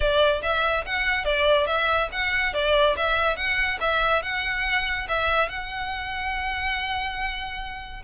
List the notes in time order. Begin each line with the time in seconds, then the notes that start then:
0.00 D5
0.42 E5
0.85 F#5
1.24 D5
1.66 E5
2.12 F#5
2.53 D5
2.97 E5
3.36 F#5
3.80 E5
4.22 F#5
5.08 E5
5.49 F#5